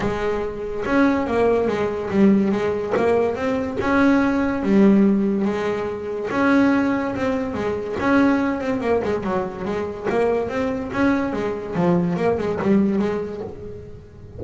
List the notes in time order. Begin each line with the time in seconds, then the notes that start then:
0.00 G#3
0.85 C#4
1.27 A#3
1.67 G#3
2.10 G3
2.51 G#3
2.96 A#3
3.35 C4
3.80 C#4
4.62 G3
5.45 G#3
6.30 C#4
7.15 C4
7.54 G#3
7.99 C#4
8.60 C4
8.80 A#3
9.03 G#3
9.23 F#3
9.64 G#3
10.09 A#3
10.48 C4
10.92 C#4
11.32 G#3
11.75 F3
12.16 A#3
12.38 G#3
12.61 G3
12.98 G#3